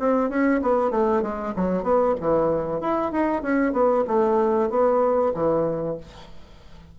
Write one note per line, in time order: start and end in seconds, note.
0.00 0.30 C4
0.30 0.61 C#4
0.62 0.91 B3
0.91 1.23 A3
1.23 1.54 G#3
1.56 1.83 F#3
1.83 2.15 B3
2.21 2.81 E3
2.81 3.12 E4
3.12 3.42 D#4
3.42 3.73 C#4
3.73 4.04 B3
4.08 4.70 A3
4.70 5.33 B3
5.35 5.98 E3